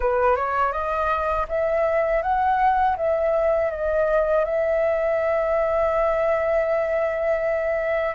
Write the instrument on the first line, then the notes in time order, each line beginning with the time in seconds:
flute
0.00 B4
0.35 C#5
0.72 D#5
1.48 E5
2.22 F#5
2.96 E5
3.70 D#5
4.44 E5